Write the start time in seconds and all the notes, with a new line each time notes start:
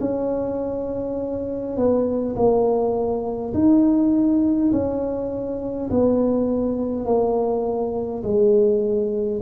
0.00 C#4
1.76 B3
2.36 A#3
3.53 D#4
4.72 C#4
5.90 B3
7.05 A#3
8.24 G#3